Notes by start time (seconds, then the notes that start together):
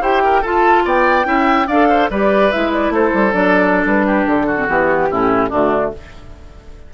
0.00 E4 G4 C5 G5
0.24 A#4
0.41 F4 A4 A5
0.84 B3 D5 G5
1.24 C#4 E4 E5
1.67 D4 A4 D5 F5
1.89 C5
2.10 G3 G4 B4 D5
2.51 G#3 E4 E5
2.72 D5
2.89 A3 A4 C5
3.14 G3
3.32 F#3 D4 D5
3.85 G3 B4
4.06 G4
4.26 D3 A4
4.46 F#4
4.56 C4
4.68 E3 B3 G4
5.10 A2 C#4 E4
5.49 D3 A3 D4 F#4